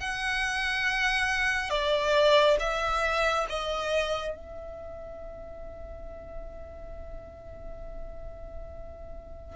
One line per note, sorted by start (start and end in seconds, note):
0.00 1.70 F#5
1.70 2.57 D5
2.59 3.46 E5
3.49 4.36 D#5
4.36 9.56 E5